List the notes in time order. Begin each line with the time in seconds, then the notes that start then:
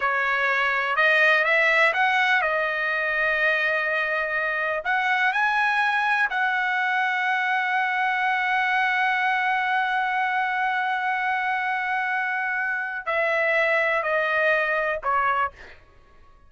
0.00 C#5
0.95 D#5
1.44 E5
1.93 F#5
2.41 D#5
4.84 F#5
5.32 G#5
6.29 F#5
13.06 E5
14.03 D#5
15.03 C#5